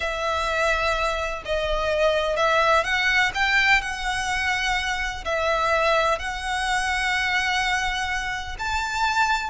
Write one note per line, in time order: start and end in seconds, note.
0.00 1.42 E5
1.45 2.36 D#5
2.36 2.84 E5
2.84 3.31 F#5
3.34 3.81 G5
3.81 5.24 F#5
5.24 6.18 E5
6.18 8.56 F#5
8.58 9.50 A5